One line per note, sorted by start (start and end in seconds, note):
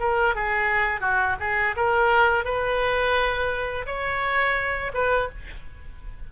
0.00 0.35 A#4
0.35 1.01 G#4
1.01 1.36 F#4
1.40 1.75 G#4
1.76 2.44 A#4
2.44 3.86 B4
3.86 4.92 C#5
4.94 5.29 B4